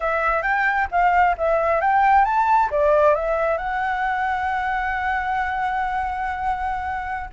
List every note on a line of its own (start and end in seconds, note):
0.00 0.42 E5
0.42 0.87 G5
0.91 1.36 F5
1.37 1.80 E5
1.80 2.24 G5
2.24 2.69 A5
2.71 3.15 D5
3.15 3.57 E5
3.57 7.29 F#5